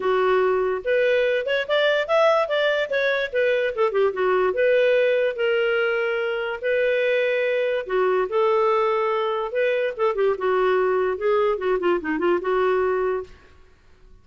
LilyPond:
\new Staff \with { instrumentName = "clarinet" } { \time 4/4 \tempo 4 = 145 fis'2 b'4. cis''8 | d''4 e''4 d''4 cis''4 | b'4 a'8 g'8 fis'4 b'4~ | b'4 ais'2. |
b'2. fis'4 | a'2. b'4 | a'8 g'8 fis'2 gis'4 | fis'8 f'8 dis'8 f'8 fis'2 | }